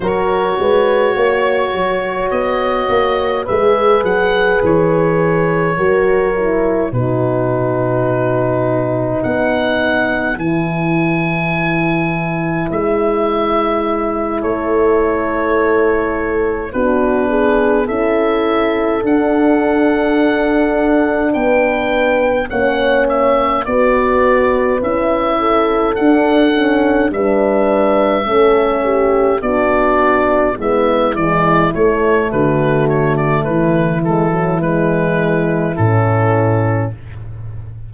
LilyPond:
<<
  \new Staff \with { instrumentName = "oboe" } { \time 4/4 \tempo 4 = 52 cis''2 dis''4 e''8 fis''8 | cis''2 b'2 | fis''4 gis''2 e''4~ | e''8 cis''2 b'4 e''8~ |
e''8 fis''2 g''4 fis''8 | e''8 d''4 e''4 fis''4 e''8~ | e''4. d''4 e''8 d''8 cis''8 | b'8 cis''16 d''16 b'8 a'8 b'4 a'4 | }
  \new Staff \with { instrumentName = "horn" } { \time 4/4 ais'8 b'8 cis''2 b'4~ | b'4 ais'4 fis'2 | b'1~ | b'8 a'2 fis'8 gis'8 a'8~ |
a'2~ a'8 b'4 cis''8~ | cis''8 b'4. a'4. b'8~ | b'8 a'8 g'8 fis'4 e'4. | fis'4 e'2. | }
  \new Staff \with { instrumentName = "horn" } { \time 4/4 fis'2. gis'4~ | gis'4 fis'8 e'8 dis'2~ | dis'4 e'2.~ | e'2~ e'8 d'4 e'8~ |
e'8 d'2. cis'8~ | cis'8 fis'4 e'4 d'8 cis'8 d'8~ | d'8 cis'4 d'4 b8 gis8 a8~ | a4. gis16 fis16 gis4 cis'4 | }
  \new Staff \with { instrumentName = "tuba" } { \time 4/4 fis8 gis8 ais8 fis8 b8 ais8 gis8 fis8 | e4 fis4 b,2 | b4 e2 gis4~ | gis8 a2 b4 cis'8~ |
cis'8 d'2 b4 ais8~ | ais8 b4 cis'4 d'4 g8~ | g8 a4 b4 gis8 e8 a8 | d4 e2 a,4 | }
>>